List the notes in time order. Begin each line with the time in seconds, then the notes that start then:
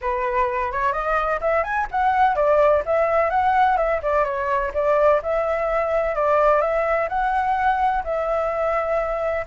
0.01 B4
0.72 C#5
0.92 D#5
1.40 E5
1.63 G#5
1.91 F#5
2.35 D5
2.85 E5
3.30 F#5
3.77 E5
4.02 D5
4.24 C#5
4.74 D5
5.22 E5
6.15 D5
6.61 E5
7.08 F#5
8.04 E5